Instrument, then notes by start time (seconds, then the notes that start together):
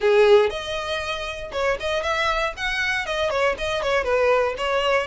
violin
0.00 G#4
0.49 D#5
1.52 C#5
1.80 D#5
2.02 E5
2.56 F#5
3.06 D#5
3.30 C#5
3.58 D#5
3.82 C#5
4.04 B4
4.57 C#5